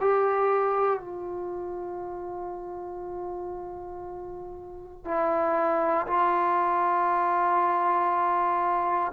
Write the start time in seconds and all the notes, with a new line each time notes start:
0.00 G4
0.99 F4
5.04 E4
6.06 F4